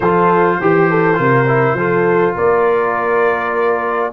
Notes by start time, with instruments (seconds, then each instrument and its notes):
0.00 tuba F3, trombone F4, horn A4, trumpet C5
0.60 tuba E3, horn G4, trombone G4
0.90 horn A4
1.14 tuba C3, trombone F4, horn A#4
1.48 trombone E4
1.73 tuba F3, trombone F4, horn A4
2.35 tuba A#3, horn A#4, trumpet D5